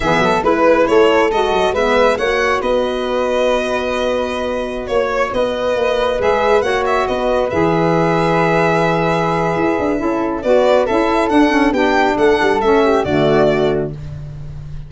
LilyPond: <<
  \new Staff \with { instrumentName = "violin" } { \time 4/4 \tempo 4 = 138 e''4 b'4 cis''4 dis''4 | e''4 fis''4 dis''2~ | dis''2.~ dis''16 cis''8.~ | cis''16 dis''2 e''4 fis''8 e''16~ |
e''16 dis''4 e''2~ e''8.~ | e''1 | d''4 e''4 fis''4 g''4 | fis''4 e''4 d''2 | }
  \new Staff \with { instrumentName = "flute" } { \time 4/4 gis'8 a'8 b'4 a'2 | b'4 cis''4 b'2~ | b'2.~ b'16 cis''8.~ | cis''16 b'2. cis''8.~ |
cis''16 b'2.~ b'8.~ | b'2. a'4 | b'4 a'2 g'4 | a'4. g'8 fis'2 | }
  \new Staff \with { instrumentName = "saxophone" } { \time 4/4 b4 e'2 fis'4 | b4 fis'2.~ | fis'1~ | fis'2~ fis'16 gis'4 fis'8.~ |
fis'4~ fis'16 gis'2~ gis'8.~ | gis'2. e'4 | fis'4 e'4 d'8 cis'8 d'4~ | d'4 cis'4 a2 | }
  \new Staff \with { instrumentName = "tuba" } { \time 4/4 e8 fis8 gis4 a4 gis8 fis8 | gis4 ais4 b2~ | b2.~ b16 ais8.~ | ais16 b4 ais4 gis4 ais8.~ |
ais16 b4 e2~ e8.~ | e2 e'8 d'8 cis'4 | b4 cis'4 d'4 b4 | a8 g8 a4 d2 | }
>>